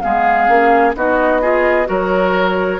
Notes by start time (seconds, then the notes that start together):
0.00 G#3 B3 G#4 F5
0.48 A#3 C#4
0.95 B3 D#4 F#4 D#5
1.41 F4 G#4
1.85 F#3 F#4 A#4 C#5